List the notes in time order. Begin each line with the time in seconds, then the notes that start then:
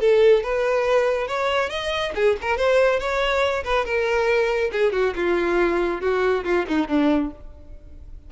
0.00 A4
0.43 B4
1.27 C#5
1.69 D#5
2.15 G#4
2.41 A#4
2.57 C5
2.99 C#5
3.64 B4
3.85 A#4
4.72 G#4
4.92 F#4
5.15 F4
6.01 F#4
6.44 F4
6.68 D#4
6.88 D4